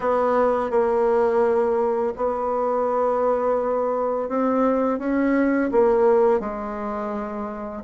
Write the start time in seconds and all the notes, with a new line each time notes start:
0.00 B3
0.70 A#3
2.16 B3
4.29 C4
4.98 C#4
5.71 A#3
6.40 G#3